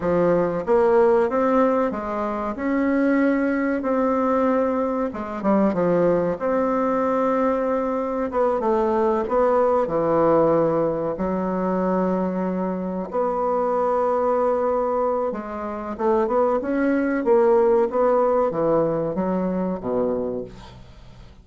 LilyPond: \new Staff \with { instrumentName = "bassoon" } { \time 4/4 \tempo 4 = 94 f4 ais4 c'4 gis4 | cis'2 c'2 | gis8 g8 f4 c'2~ | c'4 b8 a4 b4 e8~ |
e4. fis2~ fis8~ | fis8 b2.~ b8 | gis4 a8 b8 cis'4 ais4 | b4 e4 fis4 b,4 | }